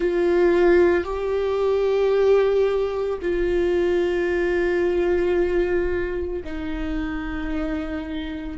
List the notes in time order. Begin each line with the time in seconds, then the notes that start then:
0.00 F4
1.04 G4
3.21 F4
6.44 D#4